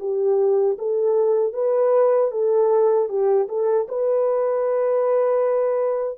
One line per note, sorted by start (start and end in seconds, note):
0.00 0.78 G4
0.79 1.54 A4
1.54 2.32 B4
2.32 3.09 A4
3.09 3.48 G4
3.49 3.88 A4
3.89 6.18 B4